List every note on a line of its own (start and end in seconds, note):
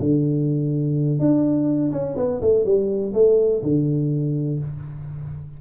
0.00 1.19 D3
1.19 1.92 D4
1.92 2.16 C#4
2.17 2.41 B3
2.42 2.65 A3
2.65 3.14 G3
3.14 3.62 A3
3.63 4.60 D3